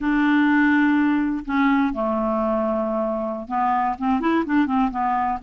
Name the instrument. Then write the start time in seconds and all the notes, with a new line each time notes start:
clarinet
0.00 D4
1.45 C#4
1.93 A3
3.48 B3
3.98 C4
4.20 E4
4.45 D4
4.66 C4
4.90 B3